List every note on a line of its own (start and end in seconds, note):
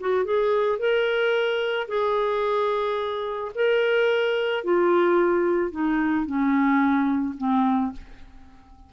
0.00 0.25 F#4
0.25 0.79 G#4
0.79 1.88 A#4
1.88 3.52 G#4
3.55 4.64 A#4
4.64 5.71 F4
5.71 6.26 D#4
6.26 7.35 C#4
7.38 7.92 C4